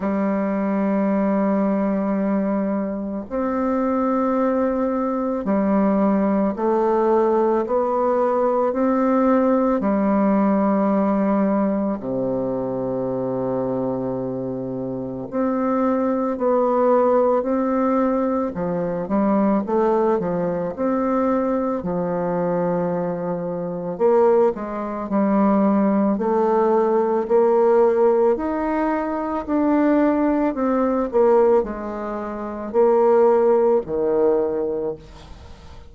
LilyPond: \new Staff \with { instrumentName = "bassoon" } { \time 4/4 \tempo 4 = 55 g2. c'4~ | c'4 g4 a4 b4 | c'4 g2 c4~ | c2 c'4 b4 |
c'4 f8 g8 a8 f8 c'4 | f2 ais8 gis8 g4 | a4 ais4 dis'4 d'4 | c'8 ais8 gis4 ais4 dis4 | }